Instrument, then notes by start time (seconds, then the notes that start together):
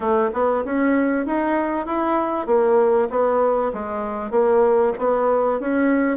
bassoon
0.00 A3
0.33 B3
0.64 C#4
1.26 D#4
1.86 E4
2.46 A#3
3.10 B3
3.73 G#3
4.30 A#3
4.98 B3
5.60 C#4